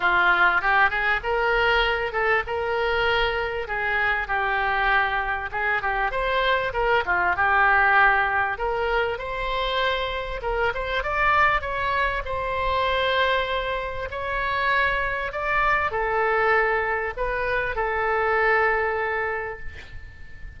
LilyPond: \new Staff \with { instrumentName = "oboe" } { \time 4/4 \tempo 4 = 98 f'4 g'8 gis'8 ais'4. a'8 | ais'2 gis'4 g'4~ | g'4 gis'8 g'8 c''4 ais'8 f'8 | g'2 ais'4 c''4~ |
c''4 ais'8 c''8 d''4 cis''4 | c''2. cis''4~ | cis''4 d''4 a'2 | b'4 a'2. | }